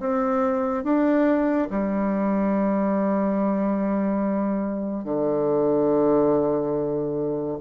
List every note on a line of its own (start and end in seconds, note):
0.00 0.84 C4
0.84 1.68 D4
1.70 5.04 G3
5.04 7.58 D3